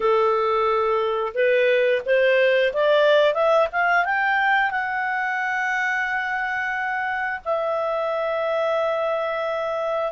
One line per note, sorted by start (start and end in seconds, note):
0.00 1.32 A4
1.34 2.01 B4
2.05 2.72 C5
2.73 3.33 D5
3.33 3.67 E5
3.71 4.04 F5
4.04 4.70 G5
4.70 7.40 F#5
7.44 10.12 E5